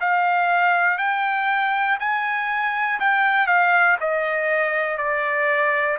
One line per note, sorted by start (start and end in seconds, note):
0.00 0.98 F5
0.98 1.98 G5
2.00 3.00 G#5
3.00 3.47 G5
3.47 3.97 F5
4.00 4.97 D#5
4.97 5.97 D5